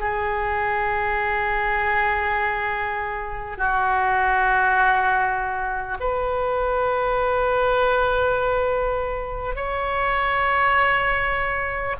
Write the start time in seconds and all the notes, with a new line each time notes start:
0.00 G#4
3.58 F#4
6.01 B4
9.56 C#5